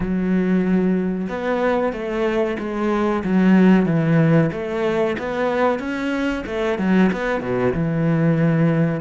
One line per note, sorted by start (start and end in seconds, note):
0.00 1.27 F#3
1.28 1.92 B3
1.92 2.57 A3
2.58 3.23 G#3
3.24 3.85 F#3
3.85 4.50 E3
4.52 5.16 A3
5.18 5.79 B3
5.79 6.43 C#4
6.46 6.78 A3
6.78 7.10 F#3
7.12 7.40 B3
7.40 7.73 B2
7.73 9.01 E3